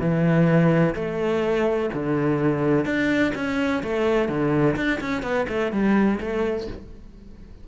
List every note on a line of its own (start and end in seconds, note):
0.00 0.94 E3
0.95 1.89 A3
1.93 2.85 D3
2.85 3.33 D4
3.35 3.82 C#4
3.83 4.29 A3
4.29 4.76 D3
4.76 5.00 D4
5.01 5.22 C#4
5.22 5.46 B3
5.49 5.72 A3
5.72 6.19 G3
6.20 6.67 A3